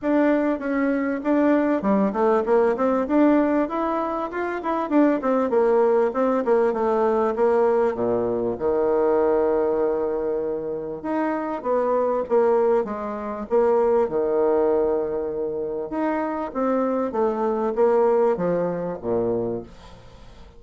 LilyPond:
\new Staff \with { instrumentName = "bassoon" } { \time 4/4 \tempo 4 = 98 d'4 cis'4 d'4 g8 a8 | ais8 c'8 d'4 e'4 f'8 e'8 | d'8 c'8 ais4 c'8 ais8 a4 | ais4 ais,4 dis2~ |
dis2 dis'4 b4 | ais4 gis4 ais4 dis4~ | dis2 dis'4 c'4 | a4 ais4 f4 ais,4 | }